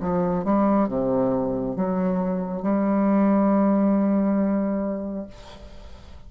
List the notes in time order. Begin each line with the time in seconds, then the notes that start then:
0.00 F3
0.44 G3
0.88 C3
1.76 F#3
2.62 G3